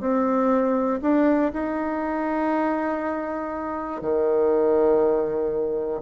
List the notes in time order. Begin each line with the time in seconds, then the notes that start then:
0.00 C4
1.02 D4
1.53 D#4
4.01 D#3